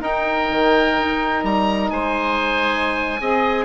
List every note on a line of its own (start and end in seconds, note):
0.00 3.19 D#4
0.00 0.48 D#4
0.00 1.90 A#4
0.00 1.45 G5
0.51 0.98 D#3
0.99 1.44 D#4
1.44 1.91 G3
1.44 1.90 A#5
1.90 3.20 G#3
1.90 3.21 C5
1.90 3.65 G#5
3.20 3.65 C4
3.20 3.65 G#4
3.20 3.65 D#5